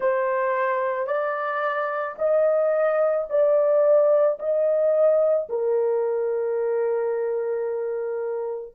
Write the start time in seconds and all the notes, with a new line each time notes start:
0.00 C5
1.07 D5
2.18 D#5
3.29 D5
4.39 D#5
5.48 A#4